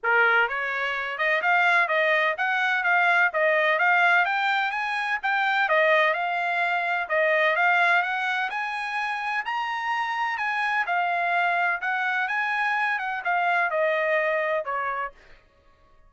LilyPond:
\new Staff \with { instrumentName = "trumpet" } { \time 4/4 \tempo 4 = 127 ais'4 cis''4. dis''8 f''4 | dis''4 fis''4 f''4 dis''4 | f''4 g''4 gis''4 g''4 | dis''4 f''2 dis''4 |
f''4 fis''4 gis''2 | ais''2 gis''4 f''4~ | f''4 fis''4 gis''4. fis''8 | f''4 dis''2 cis''4 | }